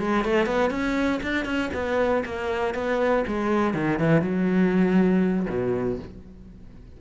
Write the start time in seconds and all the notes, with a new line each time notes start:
0.00 G#3
0.25 A3
0.46 B3
0.71 C#4
1.23 D4
1.45 C#4
1.74 B3
2.25 A#3
2.75 B3
3.27 G#3
3.75 D#3
4.00 E3
4.22 F#3
5.50 B2